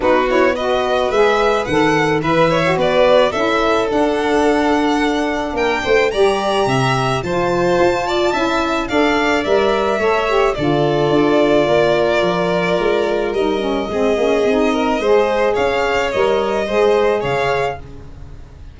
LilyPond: <<
  \new Staff \with { instrumentName = "violin" } { \time 4/4 \tempo 4 = 108 b'8 cis''8 dis''4 e''4 fis''4 | b'8 cis''8 d''4 e''4 fis''4~ | fis''2 g''4 ais''4~ | ais''4 a''2. |
f''4 e''2 d''4~ | d''1 | dis''1 | f''4 dis''2 f''4 | }
  \new Staff \with { instrumentName = "violin" } { \time 4/4 fis'4 b'2. | e''4 b'4 a'2~ | a'2 ais'8 c''8 d''4 | e''4 c''4. d''8 e''4 |
d''2 cis''4 a'4~ | a'4 ais'2.~ | ais'4 gis'4. ais'8 c''4 | cis''2 c''4 cis''4 | }
  \new Staff \with { instrumentName = "saxophone" } { \time 4/4 dis'8 e'8 fis'4 gis'4 a'4 | b'8. fis'4~ fis'16 e'4 d'4~ | d'2. g'4~ | g'4 f'2 e'4 |
a'4 ais'4 a'8 g'8 f'4~ | f'1 | dis'8 cis'8 c'8 cis'8 dis'4 gis'4~ | gis'4 ais'4 gis'2 | }
  \new Staff \with { instrumentName = "tuba" } { \time 4/4 b2 gis4 dis4 | e4 b4 cis'4 d'4~ | d'2 ais8 a8 g4 | c4 f4 f'4 cis'4 |
d'4 g4 a4 d4 | d'4 ais4 f4 gis4 | g4 gis8 ais8 c'4 gis4 | cis'4 g4 gis4 cis4 | }
>>